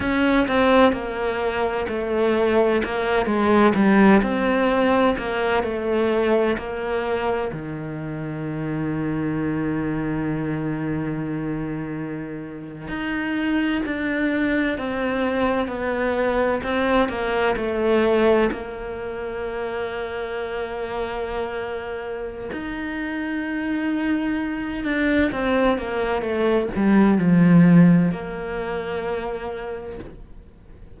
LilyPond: \new Staff \with { instrumentName = "cello" } { \time 4/4 \tempo 4 = 64 cis'8 c'8 ais4 a4 ais8 gis8 | g8 c'4 ais8 a4 ais4 | dis1~ | dis4.~ dis16 dis'4 d'4 c'16~ |
c'8. b4 c'8 ais8 a4 ais16~ | ais1 | dis'2~ dis'8 d'8 c'8 ais8 | a8 g8 f4 ais2 | }